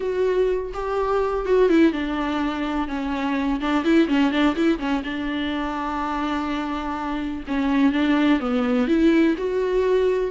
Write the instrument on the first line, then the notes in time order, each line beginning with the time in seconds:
viola
0.00 F#4
0.73 G4
1.45 F#4
1.69 E4
1.92 D4
2.88 C#4
3.60 D4
3.84 E4
4.08 C#4
4.31 D4
4.55 E4
4.78 C#4
5.03 D4
7.47 C#4
7.92 D4
8.40 B3
8.87 E4
9.37 F#4